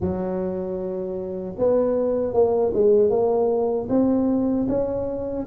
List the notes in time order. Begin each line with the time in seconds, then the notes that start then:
0.00 F#3
1.58 B3
2.33 A#3
2.74 G#3
3.10 A#3
3.89 C4
4.68 C#4